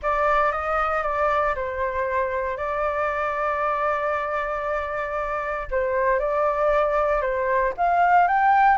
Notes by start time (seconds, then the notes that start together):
0.02 D5
0.52 D#5
1.03 D5
1.55 C5
2.57 D5
5.70 C5
6.19 D5
7.21 C5
7.77 F5
8.27 G5